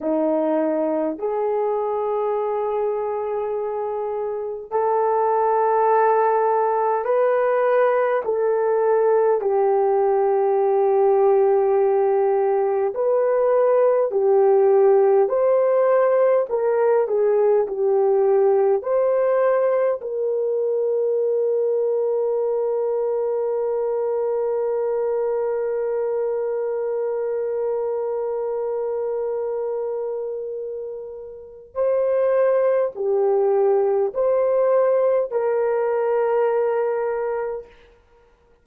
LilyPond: \new Staff \with { instrumentName = "horn" } { \time 4/4 \tempo 4 = 51 dis'4 gis'2. | a'2 b'4 a'4 | g'2. b'4 | g'4 c''4 ais'8 gis'8 g'4 |
c''4 ais'2.~ | ais'1~ | ais'2. c''4 | g'4 c''4 ais'2 | }